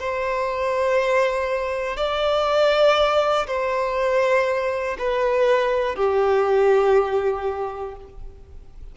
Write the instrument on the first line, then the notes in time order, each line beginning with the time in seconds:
violin
0.00 C5
1.97 D5
3.48 C5
4.99 B4
5.96 G4